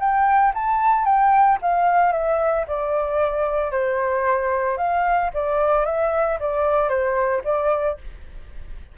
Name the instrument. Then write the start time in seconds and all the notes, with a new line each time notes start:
flute
0.00 G5
0.54 A5
1.05 G5
1.62 F5
2.12 E5
2.67 D5
3.71 C5
4.77 F5
5.34 D5
5.86 E5
6.40 D5
6.89 C5
7.44 D5